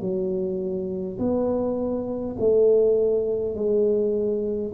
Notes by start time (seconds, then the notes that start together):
0.00 F#3
1.18 B3
2.39 A3
3.55 G#3